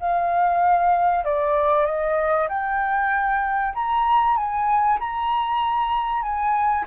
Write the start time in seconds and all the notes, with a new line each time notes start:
0.00 F5
1.25 D5
1.86 D#5
2.49 G5
3.74 A#5
4.36 G#5
5.00 A#5
6.22 G#5